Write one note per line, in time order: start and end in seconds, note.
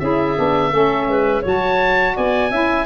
0.00 0.37 C#4
0.00 0.36 E4
0.00 0.71 G#4
0.00 1.43 E5
0.36 0.73 B3
0.36 0.71 D4
0.71 1.08 A3
0.71 1.43 C#4
0.71 1.07 A4
1.08 1.43 G#3
1.08 1.42 B4
1.42 2.17 F#3
1.42 2.50 F#4
1.42 2.14 C#5
1.42 2.17 A5
2.15 2.51 B3
2.15 2.51 D5
2.15 2.86 G#5
2.51 2.86 C#4
2.51 2.86 E4
2.51 2.86 E5